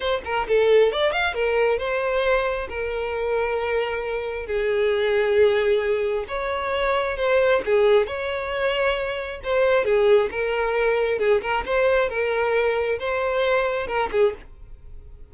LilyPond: \new Staff \with { instrumentName = "violin" } { \time 4/4 \tempo 4 = 134 c''8 ais'8 a'4 d''8 f''8 ais'4 | c''2 ais'2~ | ais'2 gis'2~ | gis'2 cis''2 |
c''4 gis'4 cis''2~ | cis''4 c''4 gis'4 ais'4~ | ais'4 gis'8 ais'8 c''4 ais'4~ | ais'4 c''2 ais'8 gis'8 | }